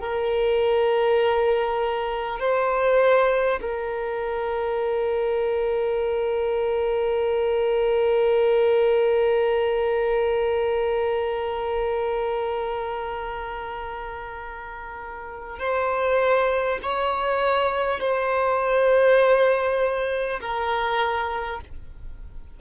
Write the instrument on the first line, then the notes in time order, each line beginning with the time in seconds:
violin
0.00 A#4
2.40 C5
3.61 A#4
15.59 C5
16.83 C#5
18.00 C5
20.41 A#4